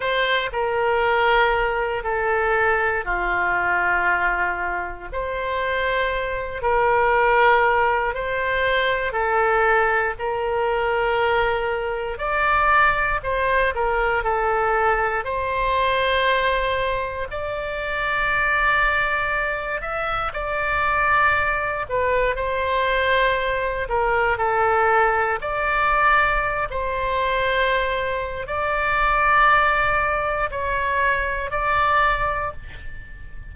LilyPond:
\new Staff \with { instrumentName = "oboe" } { \time 4/4 \tempo 4 = 59 c''8 ais'4. a'4 f'4~ | f'4 c''4. ais'4. | c''4 a'4 ais'2 | d''4 c''8 ais'8 a'4 c''4~ |
c''4 d''2~ d''8 e''8 | d''4. b'8 c''4. ais'8 | a'4 d''4~ d''16 c''4.~ c''16 | d''2 cis''4 d''4 | }